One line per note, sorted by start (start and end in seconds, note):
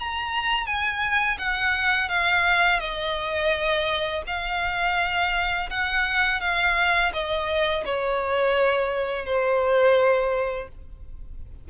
0.00 0.67 A#5
0.67 1.38 G#5
1.39 2.09 F#5
2.09 2.80 F5
2.80 4.23 D#5
4.27 5.70 F5
5.70 6.41 F#5
6.41 7.12 F5
7.13 7.85 D#5
7.86 9.26 C#5
9.26 10.69 C5